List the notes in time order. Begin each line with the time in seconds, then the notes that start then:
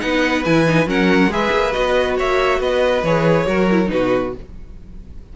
0.00 B3 D#4 B4 F#5
0.45 E3 E4 G#5
0.67 D#4
0.87 F#3 C#4 A#4 F#5
1.28 G#3 G#4 B4 E5
1.52 A#3
1.72 B3 F#4 D#5
2.17 A#3 C#5 E5
2.60 B3 B4 D#5
3.03 E3 G#4 C#5
3.47 F#3 F#4 A#4
3.71 E4
3.86 B2 D#4 B4
3.93 F#4